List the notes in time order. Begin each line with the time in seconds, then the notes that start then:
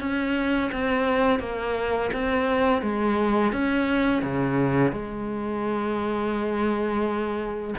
0.00 C#4
0.72 C4
1.40 A#3
2.13 C4
2.82 G#3
3.52 C#4
4.22 C#3
4.92 G#3